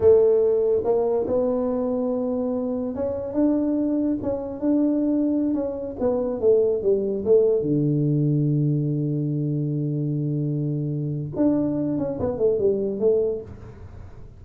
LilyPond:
\new Staff \with { instrumentName = "tuba" } { \time 4/4 \tempo 4 = 143 a2 ais4 b4~ | b2. cis'4 | d'2 cis'4 d'4~ | d'4~ d'16 cis'4 b4 a8.~ |
a16 g4 a4 d4.~ d16~ | d1~ | d2. d'4~ | d'8 cis'8 b8 a8 g4 a4 | }